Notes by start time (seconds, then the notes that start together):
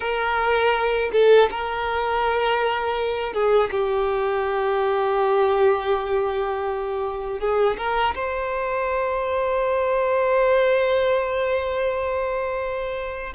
0.00 A#4
1.12 A4
1.50 A#4
3.33 G#4
3.71 G4
7.39 G#4
7.77 A#4
8.14 C5